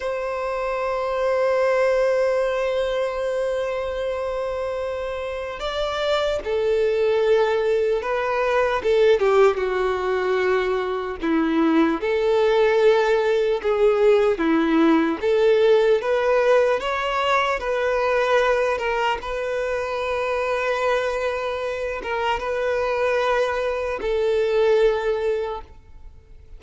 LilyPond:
\new Staff \with { instrumentName = "violin" } { \time 4/4 \tempo 4 = 75 c''1~ | c''2. d''4 | a'2 b'4 a'8 g'8 | fis'2 e'4 a'4~ |
a'4 gis'4 e'4 a'4 | b'4 cis''4 b'4. ais'8 | b'2.~ b'8 ais'8 | b'2 a'2 | }